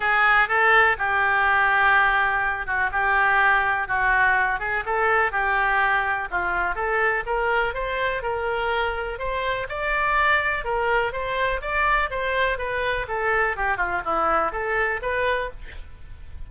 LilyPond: \new Staff \with { instrumentName = "oboe" } { \time 4/4 \tempo 4 = 124 gis'4 a'4 g'2~ | g'4. fis'8 g'2 | fis'4. gis'8 a'4 g'4~ | g'4 f'4 a'4 ais'4 |
c''4 ais'2 c''4 | d''2 ais'4 c''4 | d''4 c''4 b'4 a'4 | g'8 f'8 e'4 a'4 b'4 | }